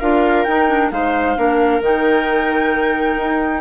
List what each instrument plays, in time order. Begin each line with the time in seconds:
0.00 bassoon D4, clarinet F4, viola A#4, flute F5
0.44 bassoon D#4, clarinet D#4, flute G5
0.68 clarinet D4
0.91 bassoon G#3, clarinet D#4, viola C5, flute F5
1.36 bassoon A#3, clarinet D4, viola A#4
1.80 bassoon D#3, clarinet D#4, flute G5
3.17 bassoon D#4